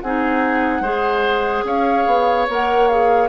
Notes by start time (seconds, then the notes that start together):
0.00 C4 D#4 G#4 F#5
0.80 G#3 G#4 C5
1.63 C#4 C#5 F5
2.06 B3
2.48 A#3 A#4 F#5
2.88 G#4 F5